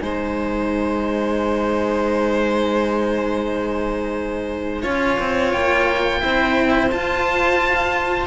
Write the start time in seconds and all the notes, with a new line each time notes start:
0.00 G#3 D#4 C5 G#5
4.81 C#4 F4 C#5
5.19 C4
5.51 A#3 G5
6.20 C4 E4 C5
6.91 F4 A5